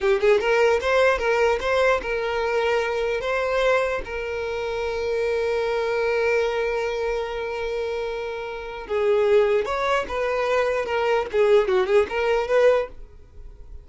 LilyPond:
\new Staff \with { instrumentName = "violin" } { \time 4/4 \tempo 4 = 149 g'8 gis'8 ais'4 c''4 ais'4 | c''4 ais'2. | c''2 ais'2~ | ais'1~ |
ais'1~ | ais'2 gis'2 | cis''4 b'2 ais'4 | gis'4 fis'8 gis'8 ais'4 b'4 | }